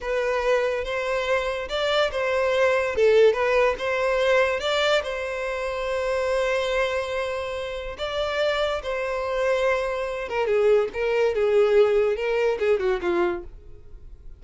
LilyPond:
\new Staff \with { instrumentName = "violin" } { \time 4/4 \tempo 4 = 143 b'2 c''2 | d''4 c''2 a'4 | b'4 c''2 d''4 | c''1~ |
c''2. d''4~ | d''4 c''2.~ | c''8 ais'8 gis'4 ais'4 gis'4~ | gis'4 ais'4 gis'8 fis'8 f'4 | }